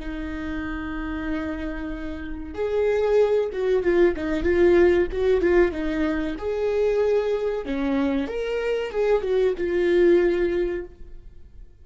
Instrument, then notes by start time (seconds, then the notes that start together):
viola
0.00 D#4
2.54 G#4
3.53 F#4
3.84 F4
4.17 D#4
4.44 F4
5.12 F#4
5.41 F4
5.72 D#4
6.39 G#4
7.66 C#4
8.27 A#4
8.91 G#4
9.22 F#4
9.57 F4